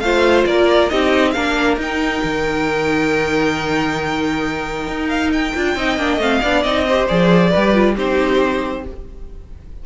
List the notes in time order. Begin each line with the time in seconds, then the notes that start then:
0.00 A3 F4 C5 F5
0.46 A#3 A#4 D5
0.89 C4 D#4 G4 D#5
1.31 A#3 D4 A#4 F5
1.77 D#4 G5
2.24 D#3
4.87 D#4
5.09 F5
5.33 G5
5.55 D4 F4
5.75 C4 D#4 D#5
5.97 A#3 D4
6.17 A3 C4 F5
6.42 B3 D4 D5
6.63 C4 D#4 D#5
6.87 G4 C5
7.08 F3 G#4 D5
7.50 G3 G4 B4
7.74 F4
7.96 C4 D#4 G4 C5